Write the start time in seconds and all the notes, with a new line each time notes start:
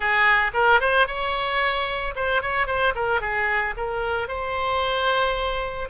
0.00 G#4
0.53 A#4
0.80 C5
1.07 C#5
2.15 C5
2.42 C#5
2.66 C5
2.95 A#4
3.20 G#4
3.76 A#4
4.28 C5